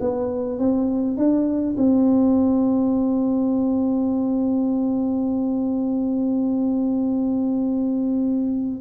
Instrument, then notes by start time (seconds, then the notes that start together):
tuba
0.00 B3
0.59 C4
1.17 D4
1.77 C4